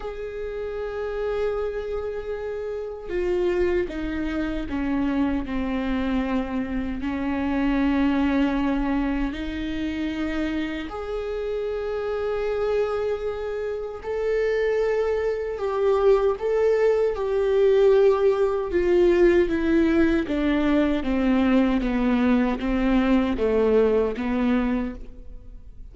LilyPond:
\new Staff \with { instrumentName = "viola" } { \time 4/4 \tempo 4 = 77 gis'1 | f'4 dis'4 cis'4 c'4~ | c'4 cis'2. | dis'2 gis'2~ |
gis'2 a'2 | g'4 a'4 g'2 | f'4 e'4 d'4 c'4 | b4 c'4 a4 b4 | }